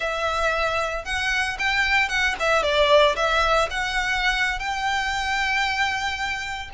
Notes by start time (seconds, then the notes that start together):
0.00 E5
1.04 F#5
1.58 G5
2.08 F#5
2.39 E5
2.62 D5
3.16 E5
3.70 F#5
4.59 G5